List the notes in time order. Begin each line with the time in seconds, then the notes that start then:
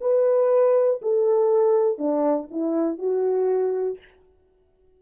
0.00 B4
1.02 A4
1.98 D4
2.50 E4
2.98 F#4